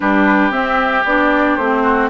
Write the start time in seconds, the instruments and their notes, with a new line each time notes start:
0.00 bassoon G3, clarinet D4, oboe G4, flute B4
0.51 bassoon C4, clarinet C4, flute E5
1.04 bassoon B3, clarinet D4, flute D5
1.56 bassoon A3, clarinet C4, flute C5
1.82 oboe F#4